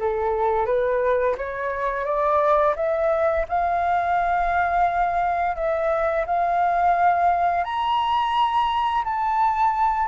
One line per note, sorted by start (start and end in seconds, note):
0.00 0.66 A4
0.66 1.36 B4
1.38 2.05 C#5
2.05 2.75 D5
2.76 3.46 E5
3.49 5.56 F5
5.56 6.26 E5
6.26 7.65 F5
7.65 9.04 A#5
9.04 10.08 A5